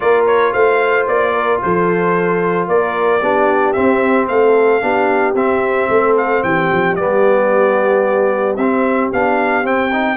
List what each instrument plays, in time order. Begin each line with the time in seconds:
0.00 tuba A#3, trombone F4, horn A#4, trumpet D5
0.26 trumpet C#5
0.52 tuba A3, horn C5, trumpet F5
1.07 tuba A#3, trumpet D5
1.32 horn A#4
1.62 tuba F3, horn A4, trumpet C5
2.67 tuba A#3, horn A#4, trumpet D5
3.22 tuba B3, trombone D4, horn G4
3.73 trombone C4, tuba C4, trumpet E5
4.28 tuba A3, horn A4, trumpet F5
4.81 tuba B3, trombone D4, horn G4
5.34 tuba C4, trombone C4, trumpet E5
5.88 tuba A3, horn A4
6.17 trumpet F5
6.43 tuba E3, horn G4, trumpet G5
6.72 tuba F3
6.95 tuba G3, trombone B3, trumpet D5
8.56 tuba C4, trombone C4, trumpet E5
9.12 tuba B3, trombone D4, trumpet F5
9.63 trombone C4, tuba C4, trumpet G5
9.92 trombone D#4